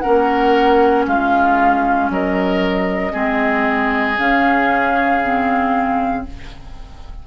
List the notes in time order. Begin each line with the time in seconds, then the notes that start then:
0.00 C#4 A#4 F#5
0.06 A#3
1.07 G#3 F4 F5
2.09 F#3 A#4 D#5
3.12 G#3 C4 G#4
4.18 C#3 C#4 F5
5.23 C4